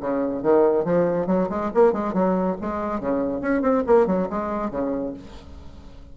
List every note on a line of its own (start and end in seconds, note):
0.00 0.42 C#3
0.42 0.85 D#3
0.85 1.27 F3
1.27 1.48 F#3
1.49 1.71 G#3
1.74 1.92 A#3
1.92 2.13 G#3
2.13 2.56 F#3
2.61 3.00 G#3
3.00 3.41 C#3
3.41 3.62 C#4
3.62 3.83 C4
3.87 4.06 A#3
4.06 4.28 F#3
4.30 4.70 G#3
4.70 5.13 C#3